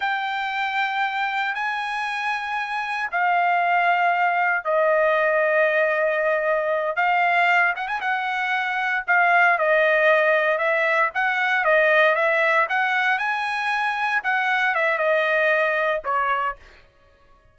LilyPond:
\new Staff \with { instrumentName = "trumpet" } { \time 4/4 \tempo 4 = 116 g''2. gis''4~ | gis''2 f''2~ | f''4 dis''2.~ | dis''4. f''4. fis''16 gis''16 fis''8~ |
fis''4. f''4 dis''4.~ | dis''8 e''4 fis''4 dis''4 e''8~ | e''8 fis''4 gis''2 fis''8~ | fis''8 e''8 dis''2 cis''4 | }